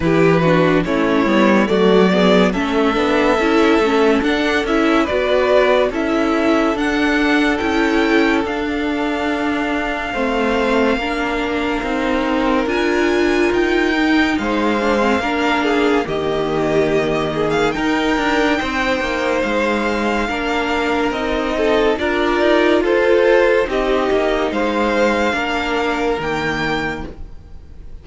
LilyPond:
<<
  \new Staff \with { instrumentName = "violin" } { \time 4/4 \tempo 4 = 71 b'4 cis''4 d''4 e''4~ | e''4 fis''8 e''8 d''4 e''4 | fis''4 g''4 f''2~ | f''2. gis''4 |
g''4 f''2 dis''4~ | dis''8. f''16 g''2 f''4~ | f''4 dis''4 d''4 c''4 | dis''4 f''2 g''4 | }
  \new Staff \with { instrumentName = "violin" } { \time 4/4 g'8 fis'8 e'4 fis'8 gis'8 a'4~ | a'2 b'4 a'4~ | a'1 | c''4 ais'2.~ |
ais'4 c''4 ais'8 gis'8 g'4~ | g'8 gis'8 ais'4 c''2 | ais'4. a'8 ais'4 a'4 | g'4 c''4 ais'2 | }
  \new Staff \with { instrumentName = "viola" } { \time 4/4 e'8 d'8 cis'8 b8 a8 b8 cis'8 d'8 | e'8 cis'8 d'8 e'8 fis'4 e'4 | d'4 e'4 d'2 | c'4 d'4 dis'4 f'4~ |
f'8 dis'4 d'16 c'16 d'4 ais4~ | ais4 dis'2. | d'4 dis'4 f'2 | dis'2 d'4 ais4 | }
  \new Staff \with { instrumentName = "cello" } { \time 4/4 e4 a8 g8 fis4 a8 b8 | cis'8 a8 d'8 cis'8 b4 cis'4 | d'4 cis'4 d'2 | a4 ais4 c'4 d'4 |
dis'4 gis4 ais4 dis4~ | dis4 dis'8 d'8 c'8 ais8 gis4 | ais4 c'4 d'8 dis'8 f'4 | c'8 ais8 gis4 ais4 dis4 | }
>>